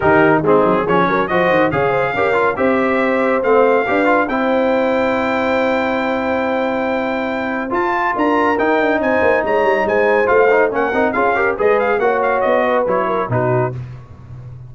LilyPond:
<<
  \new Staff \with { instrumentName = "trumpet" } { \time 4/4 \tempo 4 = 140 ais'4 gis'4 cis''4 dis''4 | f''2 e''2 | f''2 g''2~ | g''1~ |
g''2 a''4 ais''4 | g''4 gis''4 ais''4 gis''4 | f''4 fis''4 f''4 dis''8 f''8 | fis''8 f''8 dis''4 cis''4 b'4 | }
  \new Staff \with { instrumentName = "horn" } { \time 4/4 g'4 dis'4 gis'8 ais'8 c''4 | cis''8 c''8 ais'4 c''2~ | c''4 b'4 c''2~ | c''1~ |
c''2. ais'4~ | ais'4 c''4 cis''4 c''4~ | c''4 ais'4 gis'8 ais'8 b'4 | cis''4. b'4 ais'8 fis'4 | }
  \new Staff \with { instrumentName = "trombone" } { \time 4/4 dis'4 c'4 cis'4 fis'4 | gis'4 g'8 f'8 g'2 | c'4 g'8 f'8 e'2~ | e'1~ |
e'2 f'2 | dis'1 | f'8 dis'8 cis'8 dis'8 f'8 g'8 gis'4 | fis'2 e'4 dis'4 | }
  \new Staff \with { instrumentName = "tuba" } { \time 4/4 dis4 gis8 fis8 f8 fis8 f8 dis8 | cis4 cis'4 c'2 | a4 d'4 c'2~ | c'1~ |
c'2 f'4 d'4 | dis'8 d'8 c'8 ais8 gis8 g8 gis4 | a4 ais8 c'8 cis'4 gis4 | ais4 b4 fis4 b,4 | }
>>